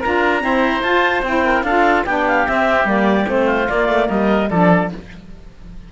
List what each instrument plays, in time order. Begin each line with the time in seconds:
0.00 cello D4, saxophone F4, oboe A#4, clarinet A#5
0.40 saxophone C4, cello E4, oboe C5
0.83 cello F4, saxophone F4, clarinet A5
1.22 cello C4, saxophone E4, clarinet G5
1.45 oboe A#4
1.63 cello D4, saxophone F4, oboe A4, clarinet F5
2.04 cello B3, saxophone D4, oboe G4, clarinet G5
2.27 clarinet F5
2.47 saxophone C4, cello C4, clarinet E5
2.85 cello G3, saxophone A#3, clarinet D5
3.26 cello A3, saxophone C4, clarinet C5
3.45 oboe F4
3.68 saxophone A#3, cello A#3, clarinet D5
3.88 cello A3
4.09 cello G3, oboe A#4, clarinet D#5
4.49 cello F3, saxophone D4, oboe A4, clarinet D5